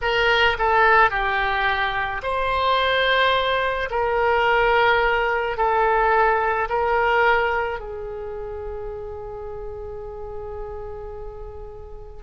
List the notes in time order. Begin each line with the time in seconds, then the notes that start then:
0.02 A#4
0.58 A4
1.10 G4
2.22 C5
3.90 A#4
5.57 A4
6.69 A#4
7.79 G#4